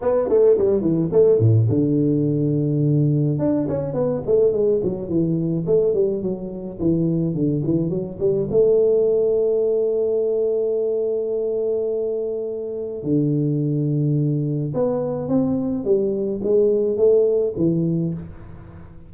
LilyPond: \new Staff \with { instrumentName = "tuba" } { \time 4/4 \tempo 4 = 106 b8 a8 g8 e8 a8 a,8 d4~ | d2 d'8 cis'8 b8 a8 | gis8 fis8 e4 a8 g8 fis4 | e4 d8 e8 fis8 g8 a4~ |
a1~ | a2. d4~ | d2 b4 c'4 | g4 gis4 a4 e4 | }